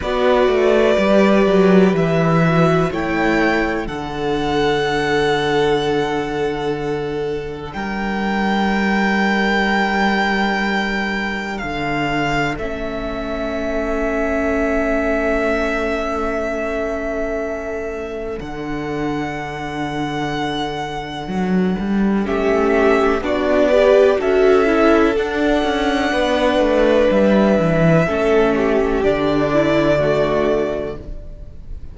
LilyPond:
<<
  \new Staff \with { instrumentName = "violin" } { \time 4/4 \tempo 4 = 62 d''2 e''4 g''4 | fis''1 | g''1 | f''4 e''2.~ |
e''2. fis''4~ | fis''2. e''4 | d''4 e''4 fis''2 | e''2 d''2 | }
  \new Staff \with { instrumentName = "violin" } { \time 4/4 b'2. cis''4 | a'1 | ais'1 | a'1~ |
a'1~ | a'2. g'4 | fis'8 b'8 a'2 b'4~ | b'4 a'8 g'4 e'8 fis'4 | }
  \new Staff \with { instrumentName = "viola" } { \time 4/4 fis'4 g'4. fis'8 e'4 | d'1~ | d'1~ | d'4 cis'2.~ |
cis'2. d'4~ | d'2. cis'4 | d'8 g'8 fis'8 e'8 d'2~ | d'4 cis'4 d'4 a4 | }
  \new Staff \with { instrumentName = "cello" } { \time 4/4 b8 a8 g8 fis8 e4 a4 | d1 | g1 | d4 a2.~ |
a2. d4~ | d2 fis8 g8 a4 | b4 cis'4 d'8 cis'8 b8 a8 | g8 e8 a4 d2 | }
>>